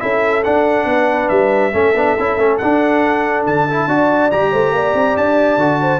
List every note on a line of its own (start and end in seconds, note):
0.00 0.45 C#4
0.00 0.43 E4
0.00 0.87 A4
0.00 0.43 E5
0.44 1.72 D4
0.44 0.85 D4
0.44 1.29 F#5
0.85 1.28 B3
0.85 1.74 B4
1.29 1.73 G3
1.29 2.57 E5
1.72 1.94 A3
1.72 1.94 C#4
1.72 3.88 A4
1.94 2.15 B3
1.94 2.18 D4
2.19 2.37 C#4
2.19 2.38 E4
2.37 2.59 A3
2.37 2.60 C#4
2.58 3.46 D4
2.58 3.69 D4
2.58 3.43 F#5
3.46 3.87 D3
3.46 4.31 A5
3.70 3.88 E4
3.87 4.30 D4
3.87 4.31 F#4
3.87 4.51 D5
4.31 4.53 G3
4.31 5.59 G4
4.31 5.17 A#5
4.51 4.72 A3
4.51 4.72 C5
4.72 4.93 A#3
4.72 5.81 D5
4.94 5.15 C4
5.16 5.57 D4
5.16 5.99 A5
5.57 5.99 D3
5.57 5.99 F#4
5.81 5.99 C5